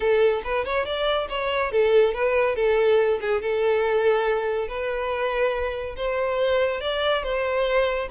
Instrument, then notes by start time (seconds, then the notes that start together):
violin
0.00 A4
0.44 B4
0.65 C#5
0.85 D5
1.29 C#5
1.71 A4
2.14 B4
2.55 A4
3.21 G#4
3.41 A4
4.68 B4
5.96 C5
6.80 D5
7.23 C5